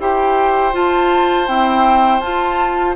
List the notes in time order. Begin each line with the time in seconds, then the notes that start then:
0.00 E4 G4 C5 G5
0.73 F4 A5
1.48 C4 E4 G5
2.20 F4 A5